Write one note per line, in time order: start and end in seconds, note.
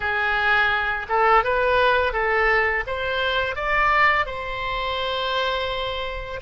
0.00 1.06 G#4
1.08 1.44 A4
1.44 2.12 B4
2.12 2.84 A4
2.86 3.55 C5
3.55 4.26 D5
4.26 6.40 C5